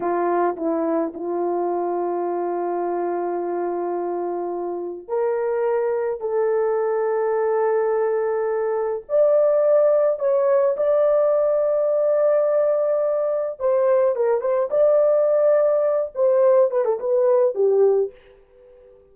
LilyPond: \new Staff \with { instrumentName = "horn" } { \time 4/4 \tempo 4 = 106 f'4 e'4 f'2~ | f'1~ | f'4 ais'2 a'4~ | a'1 |
d''2 cis''4 d''4~ | d''1 | c''4 ais'8 c''8 d''2~ | d''8 c''4 b'16 a'16 b'4 g'4 | }